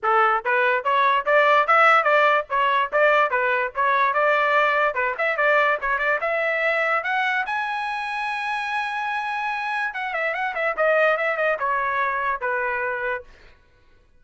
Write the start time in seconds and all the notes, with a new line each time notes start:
0.03 A4
0.44 B4
0.84 C#5
1.25 D5
1.67 E5
2.03 D5
2.49 C#5
2.92 D5
3.30 B4
3.75 C#5
4.13 D5
4.94 B4
5.18 E5
5.36 D5
5.81 C#5
5.98 D5
6.20 E5
7.03 F#5
7.46 G#5
9.93 F#5
10.13 E5
10.34 F#5
10.54 E5
10.76 D#5
11.17 E5
11.36 D#5
11.59 C#5
12.40 B4